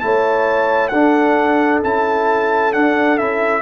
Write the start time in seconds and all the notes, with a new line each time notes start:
0.00 A3 E4 C#5 A5
0.89 D4 A4 F#5
1.84 C#4 E4 A5
2.73 D4 F#5
3.18 C#4 E4 E5